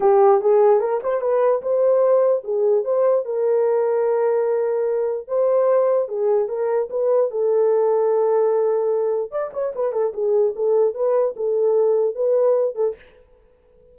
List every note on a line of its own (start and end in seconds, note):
0.00 0.41 G4
0.41 0.80 G#4
0.80 1.00 A#4
1.03 1.21 C5
1.21 1.61 B4
1.62 2.43 C5
2.43 2.84 G#4
2.84 3.25 C5
3.25 5.27 A#4
5.27 6.08 C5
6.08 6.48 G#4
6.48 6.89 A#4
6.90 7.30 B4
7.30 9.31 A4
9.31 9.51 D5
9.53 9.73 C#5
9.75 9.92 B4
9.92 10.12 A4
10.13 10.54 G#4
10.55 10.94 A4
10.94 11.34 B4
11.36 12.15 A4
12.15 12.75 B4
12.75 12.95 A4